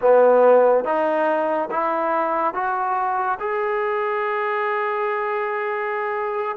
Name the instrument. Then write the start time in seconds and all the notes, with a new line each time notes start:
trombone
0.01 B3
0.84 D#4
1.70 E4
2.54 F#4
3.39 G#4